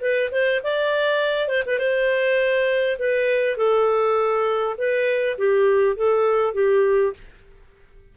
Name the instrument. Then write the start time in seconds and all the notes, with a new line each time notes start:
clarinet
0.00 B4
0.31 C5
0.63 D5
1.48 C5
1.66 B4
1.78 C5
2.98 B4
3.56 A4
4.77 B4
5.37 G4
5.96 A4
6.53 G4